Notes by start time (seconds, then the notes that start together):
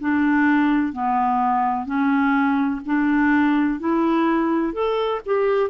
0.00 D4
0.93 B3
1.86 C#4
2.86 D4
3.80 E4
4.73 A4
5.26 G4